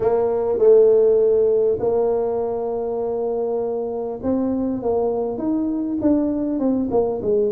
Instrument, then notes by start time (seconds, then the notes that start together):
tuba
0.00 A#3
0.58 A3
1.79 A#3
4.22 C4
4.82 A#3
5.38 D#4
6.01 D4
6.59 C4
6.90 A#3
7.22 G#3